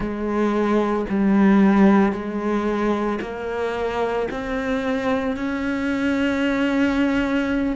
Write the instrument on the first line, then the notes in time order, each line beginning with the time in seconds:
cello
0.00 G#3
1.09 G3
2.12 G#3
3.21 A#3
4.31 C4
5.36 C#4